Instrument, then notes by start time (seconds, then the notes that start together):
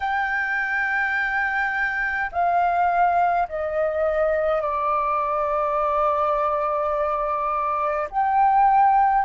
flute
0.00 G5
2.32 F5
3.48 D#5
4.62 D5
8.10 G5